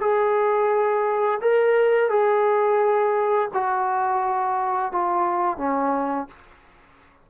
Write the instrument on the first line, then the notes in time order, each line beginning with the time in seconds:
trombone
0.00 G#4
1.40 A#4
2.09 G#4
3.53 F#4
4.92 F4
5.57 C#4